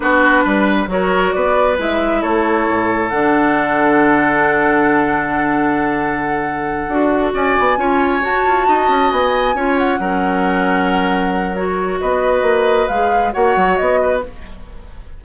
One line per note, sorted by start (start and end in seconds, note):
0.00 0.44 B3
0.00 0.87 D4
0.00 0.44 F#4
0.00 0.87 B4
0.44 0.87 G3
0.44 0.88 B4
0.87 1.31 F#3
0.87 1.76 F#4
0.87 1.35 A#4
0.87 1.31 C#5
1.31 1.78 B3
1.31 2.21 B4
1.31 1.76 D5
1.77 2.22 G#3
1.77 3.10 E4
1.77 2.22 E5
2.21 2.68 A3
2.21 7.32 A4
2.21 3.09 C#5
2.68 3.11 A2
3.09 6.88 D3
3.09 6.88 D4
3.09 7.31 F#5
6.88 7.32 D4
6.88 7.77 F#4
7.33 7.56 C#4
7.33 7.78 D5
7.33 8.23 G#5
7.59 7.77 B3
7.77 8.21 C#4
7.77 8.20 F4
7.77 8.67 C#5
8.20 9.54 F#4
8.20 8.45 F#4
8.20 9.11 A5
8.45 8.67 F4
8.67 8.88 D#4
8.67 9.55 D#5
8.88 9.10 C#4
9.11 9.54 B3
9.11 9.77 G#5
9.54 9.98 C#4
9.54 10.00 F4
9.54 10.00 C#5
9.78 11.55 F#5
9.99 11.99 F#3
9.99 11.55 C#4
9.99 12.00 A#4
11.55 12.89 F#4
11.55 12.00 C#5
12.00 12.42 B3
12.00 13.33 B4
12.00 12.88 D#5
12.42 12.86 A#3
12.88 13.33 G#3
12.88 13.32 G#4
12.88 13.32 F5
13.32 13.56 A#3
13.32 14.21 F#4
13.32 13.99 C#5
13.32 13.76 F#5
13.56 13.78 F#3
13.76 14.24 B3
13.76 14.21 D#5
14.02 14.24 B4